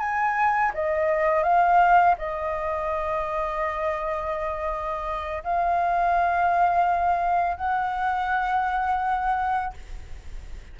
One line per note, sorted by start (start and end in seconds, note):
0.00 0.72 G#5
0.74 1.43 D#5
1.43 2.16 F5
2.18 5.43 D#5
5.44 7.57 F5
7.57 9.74 F#5